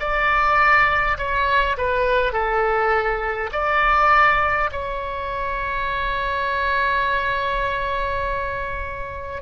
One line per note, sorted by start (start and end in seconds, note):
0.00 1.18 D5
1.18 1.77 C#5
1.78 2.33 B4
2.33 3.51 A4
3.53 4.71 D5
4.72 9.43 C#5